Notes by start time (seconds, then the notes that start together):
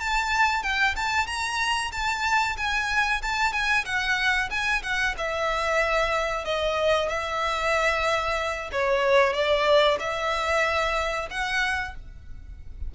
0.00 A5
0.63 G5
0.96 A5
1.27 A#5
1.92 A5
2.57 G#5
3.22 A5
3.53 G#5
3.85 F#5
4.50 G#5
4.83 F#5
5.18 E5
6.45 D#5
7.09 E5
8.72 C#5
9.33 D5
10.00 E5
11.30 F#5